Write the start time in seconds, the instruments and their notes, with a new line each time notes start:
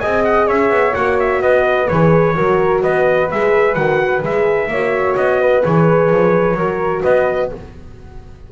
0.00 double bass C4, horn G#4, flute D#5, trumpet G#5
0.25 trumpet F#5
0.47 double bass C#4, flute C#5, trumpet E5
0.70 double bass B3
0.93 double bass A#3, horn F#4, trumpet F#5
1.20 trumpet E5
1.42 double bass B3, flute B4, trumpet D#5
1.88 double bass E3, horn G#4, trumpet C#5
2.35 double bass F#3, horn F#4, flute A#4
2.82 double bass B3, flute B4, trumpet D#5
3.31 double bass G#3, horn G#4, trumpet E5
3.75 double bass D#3, horn F#4, trumpet F#5
4.22 double bass G#3, horn G#4, trumpet E5
4.68 double bass A#3, flute C#5
4.75 horn F#4
5.17 double bass B3, trumpet D#5
5.42 flute B4
5.63 double bass E3, horn G#4, trumpet C#5
6.10 double bass F3
6.54 double bass F#3, horn F#4, flute A#4
7.03 double bass B3, flute B4, trumpet D#5